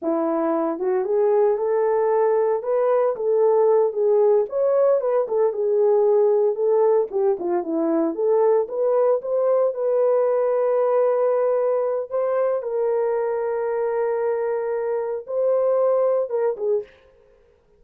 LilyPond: \new Staff \with { instrumentName = "horn" } { \time 4/4 \tempo 4 = 114 e'4. fis'8 gis'4 a'4~ | a'4 b'4 a'4. gis'8~ | gis'8 cis''4 b'8 a'8 gis'4.~ | gis'8 a'4 g'8 f'8 e'4 a'8~ |
a'8 b'4 c''4 b'4.~ | b'2. c''4 | ais'1~ | ais'4 c''2 ais'8 gis'8 | }